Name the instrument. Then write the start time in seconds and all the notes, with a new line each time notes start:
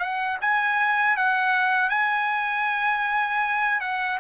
trumpet
0.00 F#5
0.41 G#5
1.17 F#5
1.90 G#5
3.81 F#5